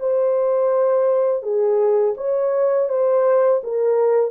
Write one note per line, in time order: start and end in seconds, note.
0.00 1.43 C5
1.43 2.15 G#4
2.17 2.89 C#5
2.89 3.61 C5
3.63 4.31 A#4